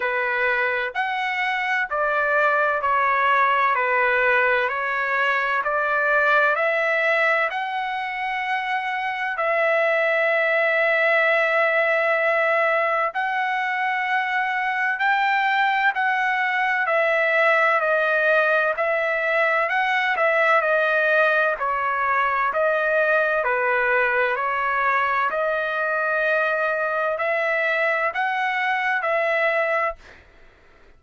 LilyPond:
\new Staff \with { instrumentName = "trumpet" } { \time 4/4 \tempo 4 = 64 b'4 fis''4 d''4 cis''4 | b'4 cis''4 d''4 e''4 | fis''2 e''2~ | e''2 fis''2 |
g''4 fis''4 e''4 dis''4 | e''4 fis''8 e''8 dis''4 cis''4 | dis''4 b'4 cis''4 dis''4~ | dis''4 e''4 fis''4 e''4 | }